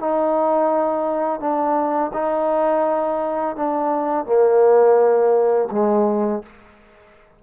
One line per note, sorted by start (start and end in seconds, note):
0.00 1.40 D#4
1.40 2.12 D4
2.14 3.56 D#4
3.56 4.26 D4
4.26 5.69 A#3
5.72 6.43 G#3